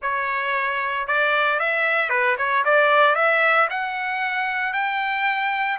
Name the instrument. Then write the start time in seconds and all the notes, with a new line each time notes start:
trumpet
0.01 C#5
1.07 D5
1.59 E5
2.09 B4
2.37 C#5
2.65 D5
3.15 E5
3.70 F#5
4.73 G5